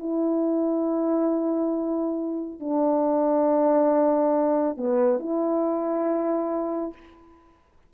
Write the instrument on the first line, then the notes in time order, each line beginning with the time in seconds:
horn
0.00 E4
2.60 D4
4.77 B3
5.20 E4